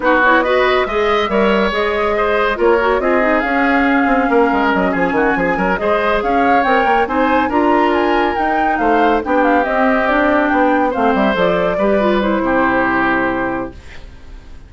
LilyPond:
<<
  \new Staff \with { instrumentName = "flute" } { \time 4/4 \tempo 4 = 140 b'8 cis''8 dis''4 e''2 | dis''2 cis''4 dis''4 | f''2. dis''8 gis''8~ | gis''4. dis''4 f''4 g''8~ |
g''8 gis''4 ais''4 gis''4 g''8~ | g''8 f''4 g''8 f''8 dis''4 d''8~ | d''8 g''4 f''8 e''8 d''4.~ | d''8 c''2.~ c''8 | }
  \new Staff \with { instrumentName = "oboe" } { \time 4/4 fis'4 b'4 dis''4 cis''4~ | cis''4 c''4 ais'4 gis'4~ | gis'2 ais'4. gis'8 | fis'8 gis'8 ais'8 c''4 cis''4.~ |
cis''8 c''4 ais'2~ ais'8~ | ais'8 c''4 g'2~ g'8~ | g'4. c''2 b'8~ | b'4 g'2. | }
  \new Staff \with { instrumentName = "clarinet" } { \time 4/4 dis'8 e'8 fis'4 gis'4 ais'4 | gis'2 f'8 fis'8 f'8 dis'8 | cis'1~ | cis'4. gis'2 ais'8~ |
ais'8 dis'4 f'2 dis'8~ | dis'4. d'4 c'4 d'8~ | d'4. c'4 a'4 g'8 | f'8 e'2.~ e'8 | }
  \new Staff \with { instrumentName = "bassoon" } { \time 4/4 b2 gis4 g4 | gis2 ais4 c'4 | cis'4. c'8 ais8 gis8 fis8 f8 | dis8 f8 fis8 gis4 cis'4 c'8 |
ais8 c'4 d'2 dis'8~ | dis'8 a4 b4 c'4.~ | c'8 b4 a8 g8 f4 g8~ | g4 c2. | }
>>